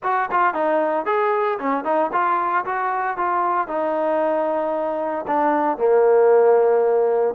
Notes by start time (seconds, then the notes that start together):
0.03 F#4
0.31 F4
0.54 D#4
1.05 G#4
1.58 C#4
1.84 D#4
2.12 F4
2.65 F#4
3.17 F4
3.67 D#4
5.27 D4
5.77 A#3